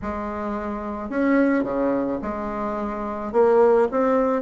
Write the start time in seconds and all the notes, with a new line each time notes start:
0.02 G#3
1.09 C#4
1.63 C#3
2.21 G#3
3.32 A#3
3.91 C4